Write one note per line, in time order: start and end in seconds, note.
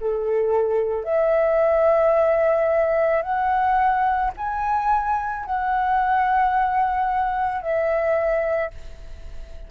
0.00 1.04 A4
1.04 3.22 E5
3.22 4.31 F#5
4.37 5.45 G#5
5.45 7.62 F#5
7.62 8.71 E5